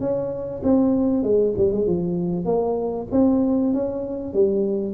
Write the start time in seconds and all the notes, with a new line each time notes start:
0.00 C#4
0.63 C4
1.23 G#3
1.57 G3
1.72 G#3
1.87 F3
2.45 A#3
3.12 C4
3.74 C#4
4.34 G3